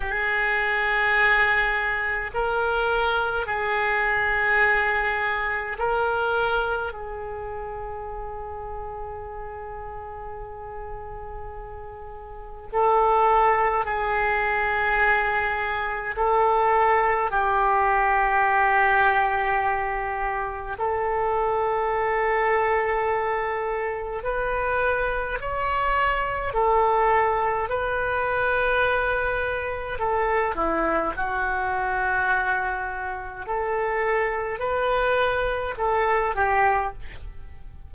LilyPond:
\new Staff \with { instrumentName = "oboe" } { \time 4/4 \tempo 4 = 52 gis'2 ais'4 gis'4~ | gis'4 ais'4 gis'2~ | gis'2. a'4 | gis'2 a'4 g'4~ |
g'2 a'2~ | a'4 b'4 cis''4 a'4 | b'2 a'8 e'8 fis'4~ | fis'4 a'4 b'4 a'8 g'8 | }